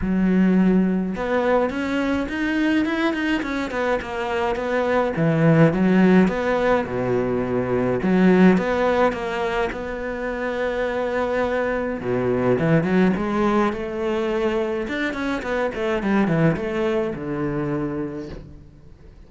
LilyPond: \new Staff \with { instrumentName = "cello" } { \time 4/4 \tempo 4 = 105 fis2 b4 cis'4 | dis'4 e'8 dis'8 cis'8 b8 ais4 | b4 e4 fis4 b4 | b,2 fis4 b4 |
ais4 b2.~ | b4 b,4 e8 fis8 gis4 | a2 d'8 cis'8 b8 a8 | g8 e8 a4 d2 | }